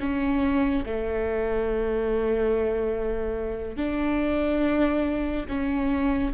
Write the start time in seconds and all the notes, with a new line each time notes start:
0.00 C#4
0.86 A3
3.78 D4
5.49 C#4